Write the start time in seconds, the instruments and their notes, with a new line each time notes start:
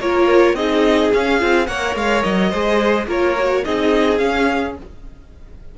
0.00 cello A#3, viola F4, violin A#4 C#5
0.54 cello C4, viola D#4, violin G#4 D#5
1.14 viola C#4, cello C#4, violin F5
1.40 cello C4, viola F4
1.67 cello A#3, viola A#4, violin C#5 F#5
1.95 cello G#3, violin F5
2.23 cello F#3, violin D#5
2.50 cello G#3, viola G#4, violin C5
3.07 cello A#3, viola F4, violin A#4 C#5
3.39 viola F#4
3.65 cello C4, viola D#4, violin G#4 D#5
4.18 viola C#4, cello C#4, violin F5